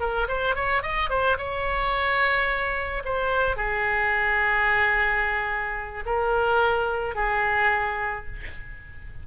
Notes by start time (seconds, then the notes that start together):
0.00 A#4
0.28 C5
0.55 C#5
0.83 D#5
1.10 C5
1.38 C#5
3.05 C5
3.56 G#4
6.06 A#4
7.15 G#4